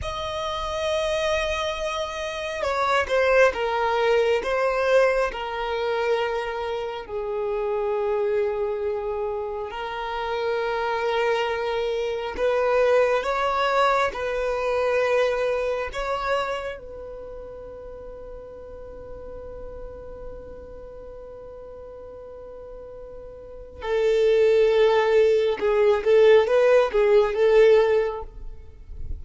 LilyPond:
\new Staff \with { instrumentName = "violin" } { \time 4/4 \tempo 4 = 68 dis''2. cis''8 c''8 | ais'4 c''4 ais'2 | gis'2. ais'4~ | ais'2 b'4 cis''4 |
b'2 cis''4 b'4~ | b'1~ | b'2. a'4~ | a'4 gis'8 a'8 b'8 gis'8 a'4 | }